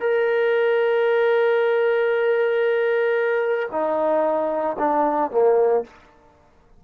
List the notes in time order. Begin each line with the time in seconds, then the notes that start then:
0.00 A#4
3.71 D#4
4.78 D4
5.31 A#3